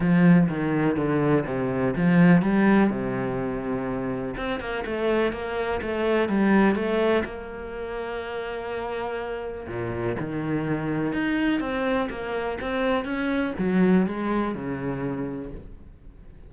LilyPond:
\new Staff \with { instrumentName = "cello" } { \time 4/4 \tempo 4 = 124 f4 dis4 d4 c4 | f4 g4 c2~ | c4 c'8 ais8 a4 ais4 | a4 g4 a4 ais4~ |
ais1 | ais,4 dis2 dis'4 | c'4 ais4 c'4 cis'4 | fis4 gis4 cis2 | }